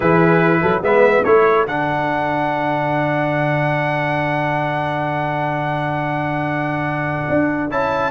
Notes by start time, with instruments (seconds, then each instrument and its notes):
0.00 tuba E3, trombone E4, horn G#4, trumpet B4
0.62 tuba F#3, horn A4
0.82 tuba G#3, trombone B3, horn B4, trumpet E5
1.22 tuba A3, trombone E4, horn A4, trumpet C#5
1.66 tuba D3, trombone D4, trumpet F#5
7.28 tuba D4
7.70 tuba C#4, trombone E4, trumpet A5